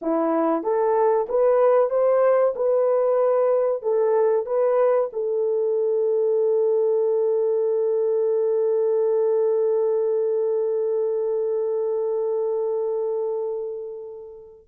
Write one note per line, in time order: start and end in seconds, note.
0.01 0.63 E4
0.63 1.26 A4
1.29 1.90 B4
1.90 2.54 C5
2.55 3.82 B4
3.82 4.46 A4
4.46 5.09 B4
5.12 14.68 A4